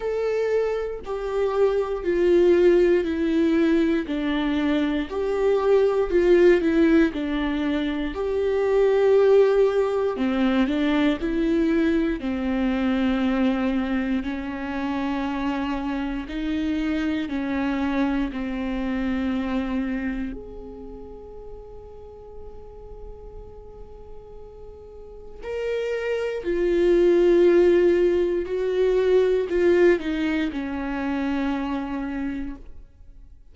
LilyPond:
\new Staff \with { instrumentName = "viola" } { \time 4/4 \tempo 4 = 59 a'4 g'4 f'4 e'4 | d'4 g'4 f'8 e'8 d'4 | g'2 c'8 d'8 e'4 | c'2 cis'2 |
dis'4 cis'4 c'2 | gis'1~ | gis'4 ais'4 f'2 | fis'4 f'8 dis'8 cis'2 | }